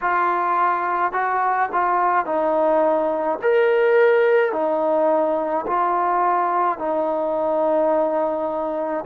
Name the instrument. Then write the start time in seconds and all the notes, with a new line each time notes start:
trombone
0.01 F4
1.12 F#4
1.72 F4
2.25 D#4
3.42 A#4
4.52 D#4
5.67 F4
6.78 D#4